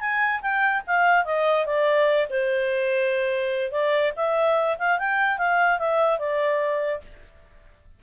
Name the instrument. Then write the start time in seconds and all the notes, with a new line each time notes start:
clarinet
0.00 G#5
0.42 G5
0.87 F5
1.25 D#5
1.66 D5
2.30 C5
3.72 D5
4.16 E5
4.79 F5
4.99 G5
5.38 F5
5.79 E5
6.19 D5